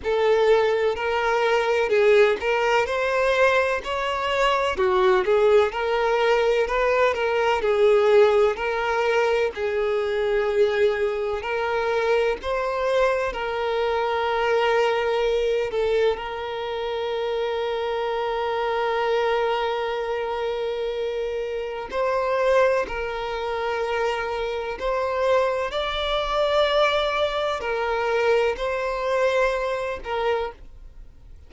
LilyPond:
\new Staff \with { instrumentName = "violin" } { \time 4/4 \tempo 4 = 63 a'4 ais'4 gis'8 ais'8 c''4 | cis''4 fis'8 gis'8 ais'4 b'8 ais'8 | gis'4 ais'4 gis'2 | ais'4 c''4 ais'2~ |
ais'8 a'8 ais'2.~ | ais'2. c''4 | ais'2 c''4 d''4~ | d''4 ais'4 c''4. ais'8 | }